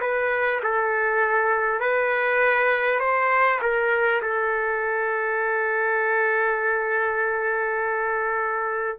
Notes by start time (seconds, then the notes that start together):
0.00 B4
0.63 A4
1.80 B4
2.99 C5
3.62 A#4
4.22 A4